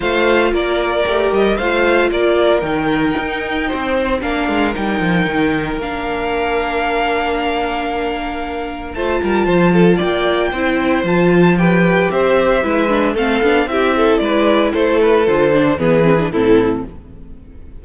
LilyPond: <<
  \new Staff \with { instrumentName = "violin" } { \time 4/4 \tempo 4 = 114 f''4 d''4. dis''8 f''4 | d''4 g''2. | f''4 g''2 f''4~ | f''1~ |
f''4 a''2 g''4~ | g''4 a''4 g''4 e''4~ | e''4 f''4 e''4 d''4 | c''8 b'8 c''4 b'4 a'4 | }
  \new Staff \with { instrumentName = "violin" } { \time 4/4 c''4 ais'2 c''4 | ais'2. c''4 | ais'1~ | ais'1~ |
ais'4 c''8 ais'8 c''8 a'8 d''4 | c''2 b'4 c''4 | b'4 a'4 g'8 a'8 b'4 | a'2 gis'4 e'4 | }
  \new Staff \with { instrumentName = "viola" } { \time 4/4 f'2 g'4 f'4~ | f'4 dis'2. | d'4 dis'2 d'4~ | d'1~ |
d'4 f'2. | e'4 f'4 g'2 | e'8 d'8 c'8 d'8 e'2~ | e'4 f'8 d'8 b8 c'16 d'16 c'4 | }
  \new Staff \with { instrumentName = "cello" } { \time 4/4 a4 ais4 a8 g8 a4 | ais4 dis4 dis'4 c'4 | ais8 gis8 g8 f8 dis4 ais4~ | ais1~ |
ais4 a8 g8 f4 ais4 | c'4 f2 c'4 | gis4 a8 b8 c'4 gis4 | a4 d4 e4 a,4 | }
>>